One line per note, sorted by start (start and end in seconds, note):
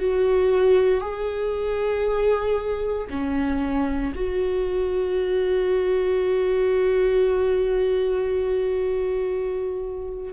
0.00 1.01 F#4
1.01 3.08 G#4
3.10 4.14 C#4
4.16 10.34 F#4